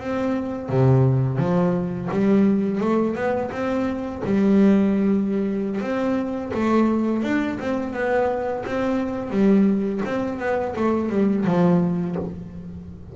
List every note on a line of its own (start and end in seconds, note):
0.00 0.70 C4
0.70 1.39 C3
1.39 2.09 F3
2.12 2.81 G3
2.81 3.16 A3
3.16 3.51 B3
3.52 4.23 C4
4.25 5.81 G3
5.81 6.52 C4
6.54 7.24 A3
7.24 7.59 D4
7.60 7.94 C4
7.94 8.64 B3
8.66 9.31 C4
9.31 10.01 G3
10.06 10.40 C4
10.40 10.75 B3
10.76 11.10 A3
11.10 11.45 G3
11.46 12.16 F3